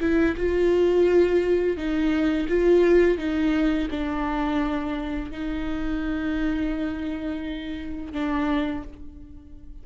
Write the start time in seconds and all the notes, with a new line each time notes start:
0.00 E4
0.37 F4
1.77 D#4
2.49 F4
3.18 D#4
3.90 D4
5.31 D#4
8.12 D4